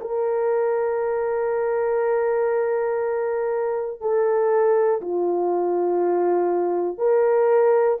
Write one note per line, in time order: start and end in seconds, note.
0.00 4.00 A#4
4.00 5.00 A4
5.01 6.97 F4
6.97 7.97 A#4